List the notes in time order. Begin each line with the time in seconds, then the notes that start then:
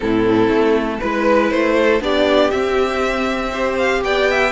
0.00 A2 C4 E4 A4
0.48 A3
0.99 G#3 E4 B4
1.50 A3 C5
1.78 A4
2.00 B3 D4 G4 D5
2.50 C4 E5
3.51 G4 C5
3.78 F5
4.03 B3 D5 G5
4.30 E5